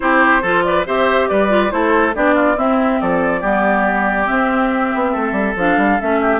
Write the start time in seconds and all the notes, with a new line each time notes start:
0.00 C4 E4 G4 C5
0.41 F3 F4 A4
0.63 B4 D5
0.86 C4 G4 C5 E5
1.28 G3 B4 D5
1.48 F4
1.70 A3 E4 A4 C5
2.15 B3 D4 G4 D5
2.35 F4
2.56 C4 E4 E5
3.00 F3 A4 D5
3.40 G3 B3 G4
4.26 C4 E5
4.94 B3
5.12 A3 A4
5.32 G3
5.55 F3 D4 F5
5.77 G3
6.00 A3 C#4 E5
6.21 G4